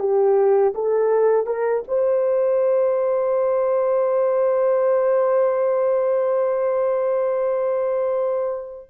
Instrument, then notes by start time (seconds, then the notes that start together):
horn
0.00 G4
0.75 A4
1.47 A#4
1.88 C5